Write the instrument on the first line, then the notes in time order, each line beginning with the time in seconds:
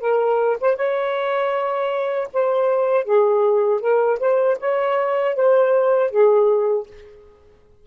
saxophone
0.00 A#4
0.60 C5
0.76 C#5
2.33 C5
3.04 G#4
3.80 A#4
4.19 C5
4.60 C#5
5.35 C5
6.11 G#4